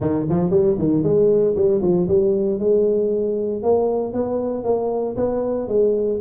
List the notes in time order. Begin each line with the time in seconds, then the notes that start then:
0.00 D#3
0.29 F3
0.50 G3
0.78 D#3
1.03 G#3
1.55 G3
1.81 F3
2.08 G3
2.59 G#3
3.63 A#3
4.13 B3
4.64 A#3
5.16 B3
5.68 G#3